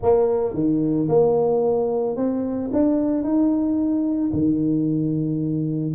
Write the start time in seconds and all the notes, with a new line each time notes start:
0.02 A#3
0.54 D#3
1.08 A#3
2.16 C4
2.72 D4
3.23 D#4
4.32 D#3